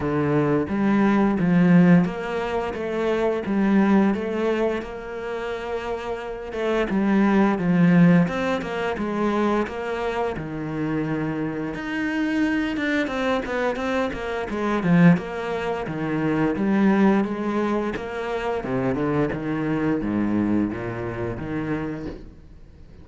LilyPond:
\new Staff \with { instrumentName = "cello" } { \time 4/4 \tempo 4 = 87 d4 g4 f4 ais4 | a4 g4 a4 ais4~ | ais4. a8 g4 f4 | c'8 ais8 gis4 ais4 dis4~ |
dis4 dis'4. d'8 c'8 b8 | c'8 ais8 gis8 f8 ais4 dis4 | g4 gis4 ais4 c8 d8 | dis4 gis,4 ais,4 dis4 | }